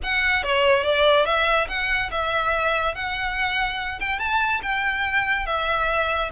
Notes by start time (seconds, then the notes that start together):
0.03 F#5
0.43 C#5
0.83 D5
1.25 E5
1.68 F#5
2.11 E5
2.94 F#5
4.00 G5
4.19 A5
4.62 G5
5.46 E5